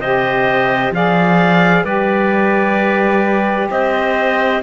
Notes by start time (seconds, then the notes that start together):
0.00 C3 G4 C5 D#5
0.91 F3 G#4 D5 F5
1.84 G3 G4 B4 D5
3.71 C4 C5 D#5